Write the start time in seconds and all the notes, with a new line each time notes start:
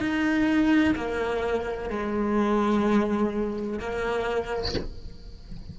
0.00 D#4
0.96 A#3
1.90 G#3
3.79 A#3